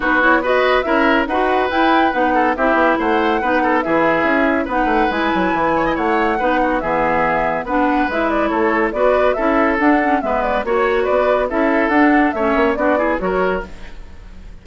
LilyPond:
<<
  \new Staff \with { instrumentName = "flute" } { \time 4/4 \tempo 4 = 141 b'8 cis''8 dis''4 e''4 fis''4 | g''4 fis''4 e''4 fis''4~ | fis''4 e''2 fis''4 | gis''2 fis''2 |
e''2 fis''4 e''8 d''8 | cis''4 d''4 e''4 fis''4 | e''8 d''8 cis''4 d''4 e''4 | fis''4 e''4 d''4 cis''4 | }
  \new Staff \with { instrumentName = "oboe" } { \time 4/4 fis'4 b'4 ais'4 b'4~ | b'4. a'8 g'4 c''4 | b'8 a'8 gis'2 b'4~ | b'4. cis''16 dis''16 cis''4 b'8 fis'8 |
gis'2 b'2 | a'4 b'4 a'2 | b'4 cis''4 b'4 a'4~ | a'4 cis''4 fis'8 gis'8 ais'4 | }
  \new Staff \with { instrumentName = "clarinet" } { \time 4/4 dis'8 e'8 fis'4 e'4 fis'4 | e'4 dis'4 e'2 | dis'4 e'2 dis'4 | e'2. dis'4 |
b2 d'4 e'4~ | e'4 fis'4 e'4 d'8 cis'8 | b4 fis'2 e'4 | d'4 cis'4 d'8 e'8 fis'4 | }
  \new Staff \with { instrumentName = "bassoon" } { \time 4/4 b2 cis'4 dis'4 | e'4 b4 c'8 b8 a4 | b4 e4 cis'4 b8 a8 | gis8 fis8 e4 a4 b4 |
e2 b4 gis4 | a4 b4 cis'4 d'4 | gis4 ais4 b4 cis'4 | d'4 a8 ais8 b4 fis4 | }
>>